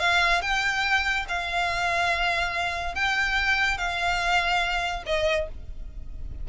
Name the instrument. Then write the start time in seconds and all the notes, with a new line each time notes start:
violin
0.00 F5
0.42 G5
1.29 F5
2.95 G5
3.78 F5
5.07 D#5